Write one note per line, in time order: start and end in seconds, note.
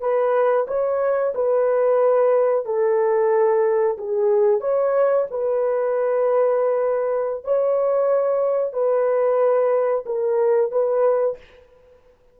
0.00 0.66 B4
0.67 1.33 C#5
1.35 2.65 B4
2.65 3.97 A4
3.98 4.60 G#4
4.60 5.26 C#5
5.31 7.44 B4
7.44 8.73 C#5
8.73 10.05 B4
10.05 10.71 A#4
10.71 11.37 B4